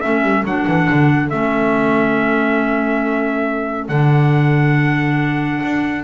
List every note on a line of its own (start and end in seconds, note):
0.00 0.22 A3
0.00 0.44 C#4
0.00 6.04 A4
0.00 0.43 E5
0.22 0.44 G3
0.44 0.65 F#3
0.44 1.31 D4
0.44 1.29 F#5
0.67 0.88 E3
0.89 1.32 D3
1.29 3.89 A3
1.29 3.90 C#4
1.29 3.88 E5
3.88 5.61 D3
3.88 6.04 D4
3.88 6.04 F#5
5.63 6.04 D4